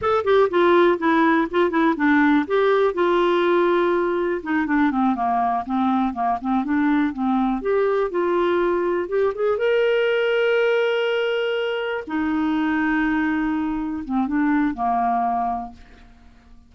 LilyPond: \new Staff \with { instrumentName = "clarinet" } { \time 4/4 \tempo 4 = 122 a'8 g'8 f'4 e'4 f'8 e'8 | d'4 g'4 f'2~ | f'4 dis'8 d'8 c'8 ais4 c'8~ | c'8 ais8 c'8 d'4 c'4 g'8~ |
g'8 f'2 g'8 gis'8 ais'8~ | ais'1~ | ais'8 dis'2.~ dis'8~ | dis'8 c'8 d'4 ais2 | }